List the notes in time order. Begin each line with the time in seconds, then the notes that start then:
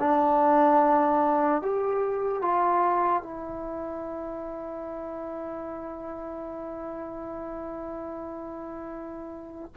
0.00 D4
1.63 G4
2.42 F4
3.23 E4